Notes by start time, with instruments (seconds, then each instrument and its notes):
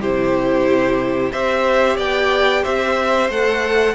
0.00 cello C3, viola E4, violin G4 C5
1.32 cello C4, viola G4, violin C5 E5
1.96 cello B3, violin D5 G5
2.62 cello C4, violin C5 E5
3.29 cello A3, viola A4, violin F#5